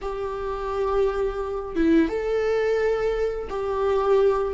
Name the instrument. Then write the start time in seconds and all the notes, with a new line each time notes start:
viola
0.01 G4
1.75 E4
2.09 A4
3.49 G4